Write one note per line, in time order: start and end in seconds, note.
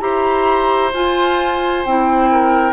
0.00 0.92 E4
0.00 0.91 G4
0.00 2.30 C5
0.00 0.91 A#5
0.93 1.84 F4
0.93 1.85 F4
0.93 1.85 G#5
1.85 2.72 C4
1.85 2.72 E4
1.85 2.72 G5
2.31 2.72 A#4